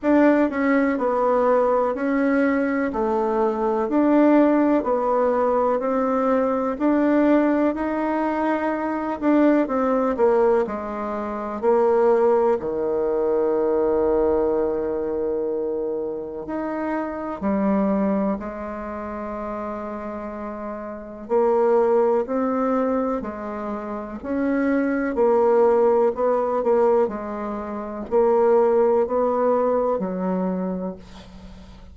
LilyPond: \new Staff \with { instrumentName = "bassoon" } { \time 4/4 \tempo 4 = 62 d'8 cis'8 b4 cis'4 a4 | d'4 b4 c'4 d'4 | dis'4. d'8 c'8 ais8 gis4 | ais4 dis2.~ |
dis4 dis'4 g4 gis4~ | gis2 ais4 c'4 | gis4 cis'4 ais4 b8 ais8 | gis4 ais4 b4 fis4 | }